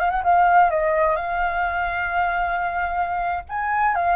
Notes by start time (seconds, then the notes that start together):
0.00 F5
0.11 F#5
0.24 F5
0.71 D#5
1.16 F5
3.49 G#5
3.95 F5